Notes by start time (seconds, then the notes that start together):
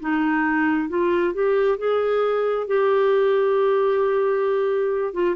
0.00 D#4
0.89 F4
1.34 G4
1.78 G#4
2.67 G4
5.14 F4